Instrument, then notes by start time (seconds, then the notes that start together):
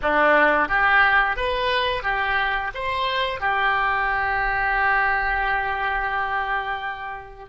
oboe
0.02 D4
0.68 G4
1.36 B4
2.03 G4
2.74 C5
3.40 G4